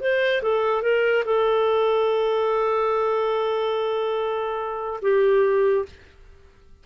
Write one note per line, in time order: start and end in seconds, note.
0.00 0.42 C5
0.42 0.82 A4
0.82 1.23 A#4
1.25 5.00 A4
5.02 5.85 G4